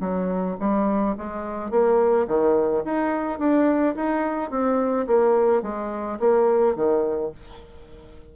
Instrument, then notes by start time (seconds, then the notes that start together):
bassoon
0.00 F#3
0.60 G3
1.18 G#3
1.71 A#3
2.27 D#3
2.84 D#4
3.39 D4
3.95 D#4
4.51 C4
5.07 A#3
5.62 G#3
6.19 A#3
6.75 D#3